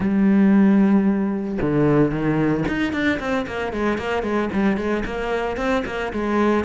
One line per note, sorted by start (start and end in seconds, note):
0.00 1.58 G3
1.61 2.11 D3
2.11 2.64 D#3
2.68 2.92 D#4
2.92 3.19 D4
3.19 3.46 C4
3.46 3.72 A#3
3.72 3.98 G#3
3.98 4.22 A#3
4.22 4.49 G#3
4.53 4.77 G3
4.77 5.03 G#3
5.05 5.57 A#3
5.57 5.83 C4
5.85 6.12 A#3
6.12 6.64 G#3